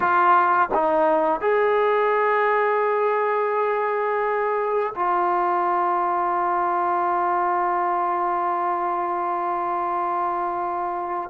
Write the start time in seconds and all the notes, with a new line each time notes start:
0.00 F4
0.73 D#4
1.41 G#4
4.95 F4